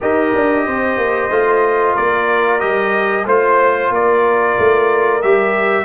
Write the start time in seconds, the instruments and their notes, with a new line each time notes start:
0.01 tuba D#4, trombone G4, horn A#4, trumpet D#5
0.35 tuba D4
0.66 tuba C4, horn C5
0.97 tuba A#3
1.30 tuba A3, trombone F4
1.94 tuba A#3, horn A#4, trumpet D5
2.59 tuba G3, trombone G4, trumpet D#5
3.25 tuba A3, trombone F4, horn C5, trumpet C5
3.90 tuba A#3, horn A#4, trumpet D5
4.58 tuba A3
5.22 tuba G3, trombone G4, trumpet E5